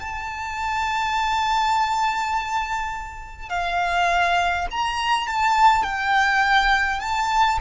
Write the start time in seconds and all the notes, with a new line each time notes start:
0.00 A5
3.49 F5
4.71 A#5
5.27 A5
5.83 G5
7.00 A5